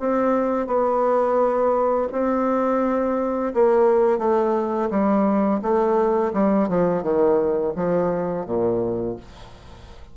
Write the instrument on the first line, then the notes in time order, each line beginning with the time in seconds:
bassoon
0.00 C4
0.67 B3
2.12 C4
3.55 A#3
4.19 A3
4.91 G3
5.62 A3
6.34 G3
6.69 F3
7.03 D#3
7.76 F3
8.46 A#2